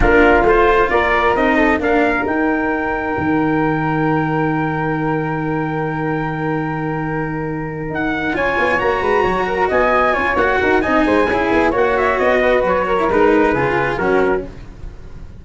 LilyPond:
<<
  \new Staff \with { instrumentName = "trumpet" } { \time 4/4 \tempo 4 = 133 ais'4 c''4 d''4 dis''4 | f''4 g''2.~ | g''1~ | g''1~ |
g''4. fis''4 gis''4 ais''8~ | ais''4. gis''4. fis''4 | gis''2 fis''8 e''8 dis''4 | cis''4 b'2 ais'4 | }
  \new Staff \with { instrumentName = "flute" } { \time 4/4 f'2 ais'4. a'8 | ais'1~ | ais'1~ | ais'1~ |
ais'2~ ais'8 cis''4. | b'8 cis''8 ais'8 dis''4 cis''4 ais'8 | dis''8 c''8 gis'4 cis''4. b'8~ | b'8 ais'4. gis'4 fis'4 | }
  \new Staff \with { instrumentName = "cello" } { \time 4/4 d'4 f'2 dis'4 | d'4 dis'2.~ | dis'1~ | dis'1~ |
dis'2~ dis'8 f'4 fis'8~ | fis'2~ fis'8 f'8 fis'4 | dis'4 e'4 fis'2~ | fis'8. e'16 dis'4 f'4 cis'4 | }
  \new Staff \with { instrumentName = "tuba" } { \time 4/4 ais4 a4 ais4 c'4 | ais4 dis'2 dis4~ | dis1~ | dis1~ |
dis4. dis'4 cis'8 b8 ais8 | gis8 fis4 b4 cis'8 ais8 dis'8 | c'8 gis8 cis'8 b8 ais4 b4 | fis4 gis4 cis4 fis4 | }
>>